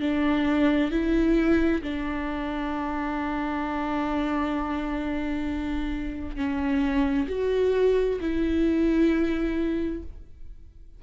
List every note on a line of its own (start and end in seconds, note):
0.00 0.91 D4
0.91 1.82 E4
1.82 6.36 D4
6.36 7.27 C#4
7.28 8.19 F#4
8.21 10.02 E4